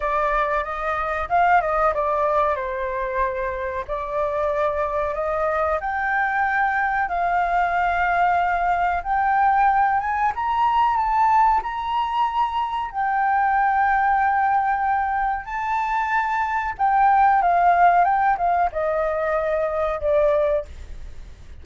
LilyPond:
\new Staff \with { instrumentName = "flute" } { \time 4/4 \tempo 4 = 93 d''4 dis''4 f''8 dis''8 d''4 | c''2 d''2 | dis''4 g''2 f''4~ | f''2 g''4. gis''8 |
ais''4 a''4 ais''2 | g''1 | a''2 g''4 f''4 | g''8 f''8 dis''2 d''4 | }